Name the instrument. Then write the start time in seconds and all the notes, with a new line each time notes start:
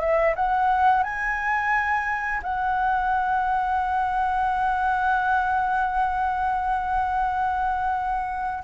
flute
0.00 E5
0.35 F#5
1.03 G#5
2.43 F#5